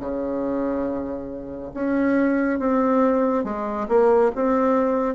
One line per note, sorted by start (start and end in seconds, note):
0.00 1.71 C#3
1.74 2.59 C#4
2.59 3.44 C4
3.44 3.87 G#3
3.88 4.31 A#3
4.35 5.15 C4